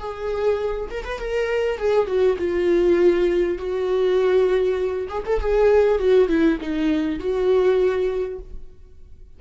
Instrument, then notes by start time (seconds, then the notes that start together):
viola
0.00 G#4
0.91 A#4
1.05 B4
1.20 A#4
1.78 G#4
2.07 F#4
2.38 F4
3.59 F#4
5.09 G#4
5.26 A4
5.41 G#4
5.99 F#4
6.29 E4
6.61 D#4
7.20 F#4